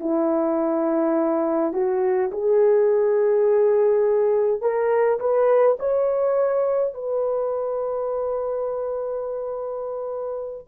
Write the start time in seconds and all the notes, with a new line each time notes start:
0.00 E4
1.73 F#4
2.32 G#4
4.62 A#4
5.20 B4
5.80 C#5
6.94 B4